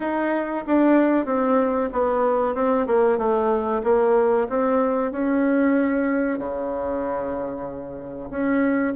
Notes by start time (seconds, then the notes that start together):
0.00 D#4
0.66 D4
1.25 C4
1.92 B3
2.54 C4
2.86 A#3
3.17 A3
3.83 A#3
4.49 C4
5.11 C#4
6.38 C#3
8.30 C#4